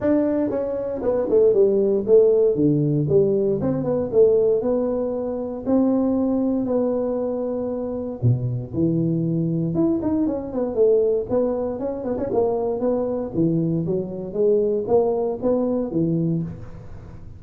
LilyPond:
\new Staff \with { instrumentName = "tuba" } { \time 4/4 \tempo 4 = 117 d'4 cis'4 b8 a8 g4 | a4 d4 g4 c'8 b8 | a4 b2 c'4~ | c'4 b2. |
b,4 e2 e'8 dis'8 | cis'8 b8 a4 b4 cis'8 b16 cis'16 | ais4 b4 e4 fis4 | gis4 ais4 b4 e4 | }